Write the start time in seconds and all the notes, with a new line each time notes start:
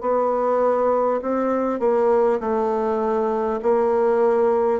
0.00 B3
1.21 C4
1.79 A#3
2.40 A3
3.62 A#3